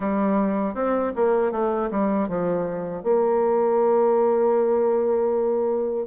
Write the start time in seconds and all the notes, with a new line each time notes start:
0.00 G3
0.74 C4
1.15 A#3
1.51 A3
1.90 G3
2.28 F3
3.03 A#3